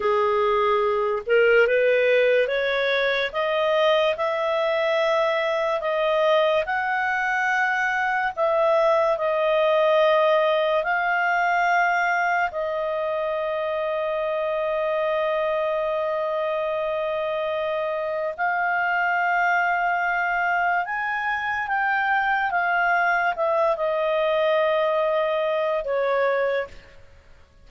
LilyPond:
\new Staff \with { instrumentName = "clarinet" } { \time 4/4 \tempo 4 = 72 gis'4. ais'8 b'4 cis''4 | dis''4 e''2 dis''4 | fis''2 e''4 dis''4~ | dis''4 f''2 dis''4~ |
dis''1~ | dis''2 f''2~ | f''4 gis''4 g''4 f''4 | e''8 dis''2~ dis''8 cis''4 | }